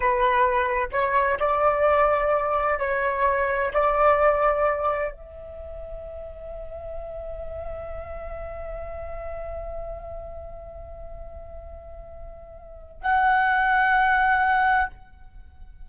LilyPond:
\new Staff \with { instrumentName = "flute" } { \time 4/4 \tempo 4 = 129 b'2 cis''4 d''4~ | d''2 cis''2 | d''2. e''4~ | e''1~ |
e''1~ | e''1~ | e''1 | fis''1 | }